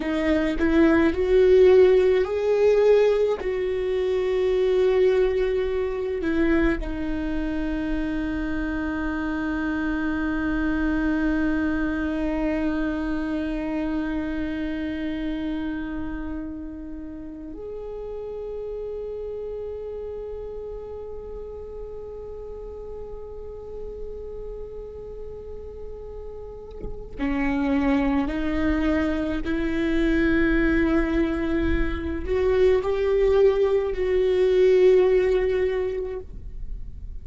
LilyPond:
\new Staff \with { instrumentName = "viola" } { \time 4/4 \tempo 4 = 53 dis'8 e'8 fis'4 gis'4 fis'4~ | fis'4. e'8 dis'2~ | dis'1~ | dis'2.~ dis'8 gis'8~ |
gis'1~ | gis'1 | cis'4 dis'4 e'2~ | e'8 fis'8 g'4 fis'2 | }